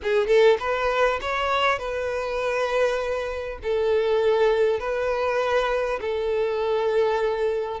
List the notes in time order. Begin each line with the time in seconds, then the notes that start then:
0.02 G#4
0.27 A4
0.59 B4
1.21 C#5
1.78 B4
3.62 A4
4.79 B4
6.01 A4